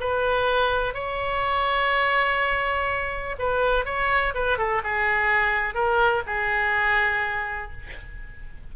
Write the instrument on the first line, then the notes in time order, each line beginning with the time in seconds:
oboe
0.00 B4
0.94 C#5
3.39 B4
3.85 C#5
4.34 B4
4.58 A4
4.84 G#4
5.74 A#4
6.27 G#4